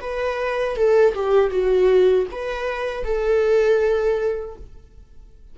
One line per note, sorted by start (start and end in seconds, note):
0.00 0.76 B4
0.76 1.14 A4
1.14 1.49 G4
1.49 2.25 F#4
2.31 3.03 B4
3.03 4.55 A4